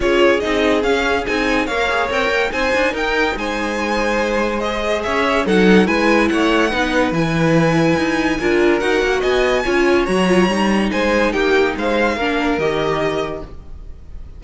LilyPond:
<<
  \new Staff \with { instrumentName = "violin" } { \time 4/4 \tempo 4 = 143 cis''4 dis''4 f''4 gis''4 | f''4 g''4 gis''4 g''4 | gis''2. dis''4 | e''4 fis''4 gis''4 fis''4~ |
fis''4 gis''2.~ | gis''4 fis''4 gis''2 | ais''2 gis''4 g''4 | f''2 dis''2 | }
  \new Staff \with { instrumentName = "violin" } { \time 4/4 gis'1 | cis''2 c''4 ais'4 | c''1 | cis''4 a'4 b'4 cis''4 |
b'1 | ais'2 dis''4 cis''4~ | cis''2 c''4 g'4 | c''4 ais'2. | }
  \new Staff \with { instrumentName = "viola" } { \time 4/4 f'4 dis'4 cis'4 dis'4 | ais'8 gis'8 ais'4 dis'2~ | dis'2. gis'4~ | gis'4 dis'4 e'2 |
dis'4 e'2. | f'4 fis'2 f'4 | fis'8 f'8 dis'2.~ | dis'4 d'4 g'2 | }
  \new Staff \with { instrumentName = "cello" } { \time 4/4 cis'4 c'4 cis'4 c'4 | ais4 c'8 ais8 c'8 d'8 dis'4 | gis1 | cis'4 fis4 gis4 a4 |
b4 e2 dis'4 | d'4 dis'8 ais8 b4 cis'4 | fis4 g4 gis4 ais4 | gis4 ais4 dis2 | }
>>